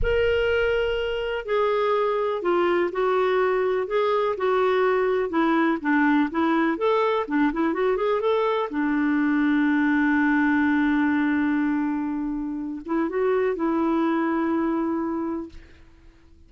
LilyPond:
\new Staff \with { instrumentName = "clarinet" } { \time 4/4 \tempo 4 = 124 ais'2. gis'4~ | gis'4 f'4 fis'2 | gis'4 fis'2 e'4 | d'4 e'4 a'4 d'8 e'8 |
fis'8 gis'8 a'4 d'2~ | d'1~ | d'2~ d'8 e'8 fis'4 | e'1 | }